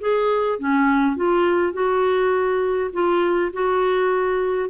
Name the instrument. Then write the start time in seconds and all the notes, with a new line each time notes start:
clarinet
0.00 G#4
0.59 C#4
1.16 F4
1.73 F#4
2.93 F4
3.53 F#4